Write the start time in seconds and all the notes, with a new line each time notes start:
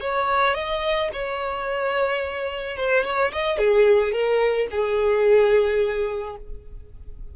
0.00 C#5
0.54 D#5
1.13 C#5
2.77 C5
3.04 C#5
3.32 D#5
3.58 G#4
4.12 A#4
4.71 G#4